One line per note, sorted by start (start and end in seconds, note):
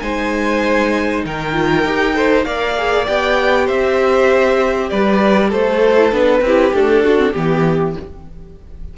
0.00 1.24 G#3
0.00 1.53 D#4
0.00 1.25 C5
0.00 1.22 G#5
1.25 1.85 D#3
1.25 2.16 A#4
1.25 2.44 G5
1.53 1.84 F4
1.85 2.46 D#4
1.85 2.14 G4
2.14 2.45 A4
2.14 2.46 C5
2.44 3.08 A#3
2.44 2.75 A#4
2.44 3.66 D5
2.44 3.05 F5
2.78 3.07 G#4
3.07 3.69 B3
3.07 5.81 G4
3.07 3.68 G5
3.66 4.91 C4
3.66 4.89 C5
3.66 4.90 E5
4.90 5.53 G3
4.90 5.49 B4
4.90 5.51 D5
5.49 6.12 A3
5.49 6.41 A4
5.49 6.14 C5
5.81 5.96 F#4
5.98 6.12 E4
6.12 6.41 B3
6.12 6.43 D4
6.12 6.75 B4
6.41 6.72 C4
6.41 6.74 E4
6.41 7.04 G4
6.74 7.05 A3
6.74 7.35 D4
6.74 7.36 A4
7.04 7.17 D4
7.04 7.33 F#4
7.17 7.33 C4
7.33 7.96 E3
7.33 7.96 B3
7.33 7.94 G4
7.33 7.98 G4